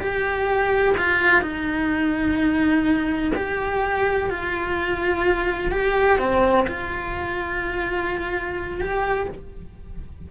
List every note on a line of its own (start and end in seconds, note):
0.00 0.95 G4
0.97 1.42 F4
1.42 3.32 D#4
3.35 4.30 G4
4.30 5.71 F4
5.71 6.19 G4
6.19 6.66 C4
6.67 8.81 F4
8.81 9.28 G4